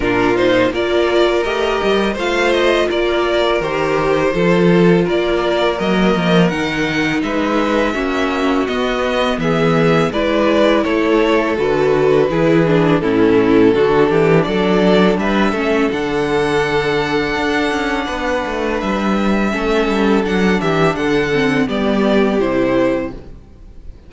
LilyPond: <<
  \new Staff \with { instrumentName = "violin" } { \time 4/4 \tempo 4 = 83 ais'8 c''8 d''4 dis''4 f''8 dis''8 | d''4 c''2 d''4 | dis''4 fis''4 e''2 | dis''4 e''4 d''4 cis''4 |
b'2 a'2 | d''4 e''4 fis''2~ | fis''2 e''2 | fis''8 e''8 fis''4 d''4 c''4 | }
  \new Staff \with { instrumentName = "violin" } { \time 4/4 f'4 ais'2 c''4 | ais'2 a'4 ais'4~ | ais'2 b'4 fis'4~ | fis'4 gis'4 b'4 a'4~ |
a'4 gis'4 e'4 fis'8 g'8 | a'4 b'8 a'2~ a'8~ | a'4 b'2 a'4~ | a'8 g'8 a'4 g'2 | }
  \new Staff \with { instrumentName = "viola" } { \time 4/4 d'8 dis'8 f'4 g'4 f'4~ | f'4 g'4 f'2 | ais4 dis'2 cis'4 | b2 e'2 |
fis'4 e'8 d'8 cis'4 d'4~ | d'4. cis'8 d'2~ | d'2. cis'4 | d'4. c'8 b4 e'4 | }
  \new Staff \with { instrumentName = "cello" } { \time 4/4 ais,4 ais4 a8 g8 a4 | ais4 dis4 f4 ais4 | fis8 f8 dis4 gis4 ais4 | b4 e4 gis4 a4 |
d4 e4 a,4 d8 e8 | fis4 g8 a8 d2 | d'8 cis'8 b8 a8 g4 a8 g8 | fis8 e8 d4 g4 c4 | }
>>